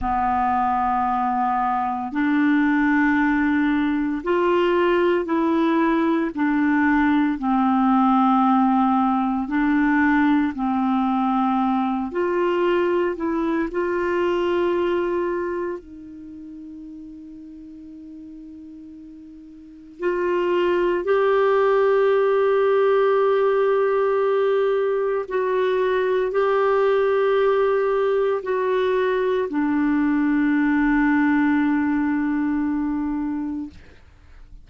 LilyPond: \new Staff \with { instrumentName = "clarinet" } { \time 4/4 \tempo 4 = 57 b2 d'2 | f'4 e'4 d'4 c'4~ | c'4 d'4 c'4. f'8~ | f'8 e'8 f'2 dis'4~ |
dis'2. f'4 | g'1 | fis'4 g'2 fis'4 | d'1 | }